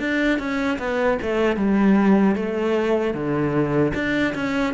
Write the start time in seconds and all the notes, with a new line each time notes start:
0.00 D4
0.39 C#4
0.79 B3
1.22 A3
1.57 G3
2.36 A3
3.14 D3
3.95 D4
4.35 C#4